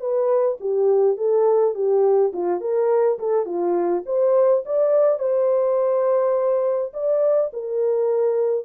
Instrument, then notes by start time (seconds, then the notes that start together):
horn
0.00 B4
0.60 G4
1.17 A4
1.74 G4
2.33 F4
2.61 A#4
3.19 A4
3.45 F4
4.06 C5
4.65 D5
5.19 C5
6.93 D5
7.53 A#4